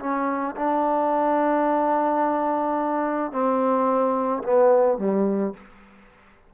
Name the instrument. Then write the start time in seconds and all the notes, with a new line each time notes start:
trombone
0.00 C#4
0.56 D4
3.32 C4
4.44 B3
4.98 G3